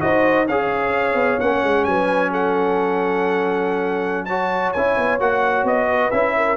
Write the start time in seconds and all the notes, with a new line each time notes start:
0.00 D#4 F#4 C5 D#5
0.47 C#4 G#4 C#5 F5
1.14 B3
1.40 A#3 C#4 F#5
1.63 G#3
1.84 F#3 B4 G#5
2.31 A4 F#5
4.25 F#4 C#5 A5
4.72 C#4 E4 G#5
4.97 B3
5.20 A#3 F#4 F#5
5.64 B3 D#5
5.89 B4
6.11 C#4 E4 E5
6.37 A#4